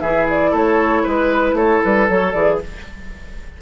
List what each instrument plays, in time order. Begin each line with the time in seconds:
0.00 bassoon E3, clarinet E4, oboe G#4, flute E5
0.30 flute D5
0.50 bassoon A3, oboe A4, flute C#5
1.03 bassoon G#3, oboe B4, flute B4
1.53 bassoon A3, oboe A4, flute C#5
1.84 bassoon G3, flute B4
2.09 bassoon F#3, clarinet A4, flute C#5
2.32 bassoon E3, clarinet G#4, flute D5